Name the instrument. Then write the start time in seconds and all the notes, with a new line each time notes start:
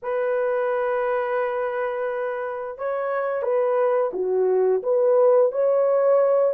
horn
0.02 B4
2.78 C#5
3.42 B4
4.13 F#4
4.82 B4
5.51 C#5